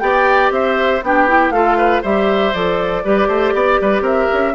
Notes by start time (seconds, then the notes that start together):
0.00 B3 G4 D5 G5
0.51 C4 C5 E5
1.03 B3 D4 G4 G5
1.28 E4
1.50 A3 F4 A4 F5
1.77 B4
2.02 G3 G4 C5 E5
2.54 F3 A4 D5
3.04 G3 G4 B4
3.28 A3 C5
3.54 B3 D5
3.81 G3 B4
4.01 C4 A#4 E5
4.33 C#4